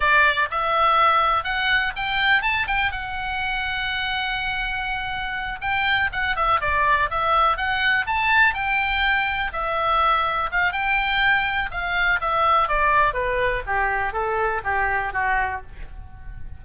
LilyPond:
\new Staff \with { instrumentName = "oboe" } { \time 4/4 \tempo 4 = 123 d''4 e''2 fis''4 | g''4 a''8 g''8 fis''2~ | fis''2.~ fis''8 g''8~ | g''8 fis''8 e''8 d''4 e''4 fis''8~ |
fis''8 a''4 g''2 e''8~ | e''4. f''8 g''2 | f''4 e''4 d''4 b'4 | g'4 a'4 g'4 fis'4 | }